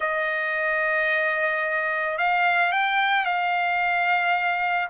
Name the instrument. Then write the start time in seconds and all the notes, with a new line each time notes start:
trumpet
0.00 D#5
2.17 F5
2.72 G5
3.25 F5